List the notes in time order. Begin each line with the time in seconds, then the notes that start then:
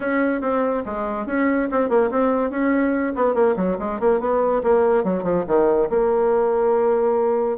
0.00 C#4
0.41 C4
0.85 G#3
1.26 C#4
1.71 C4
1.89 A#3
2.11 C4
2.50 C#4
3.15 B3
3.34 A#3
3.56 F#3
3.79 G#3
4.00 A#3
4.20 B3
4.63 A#3
5.04 F#3
5.23 F3
5.47 D#3
5.89 A#3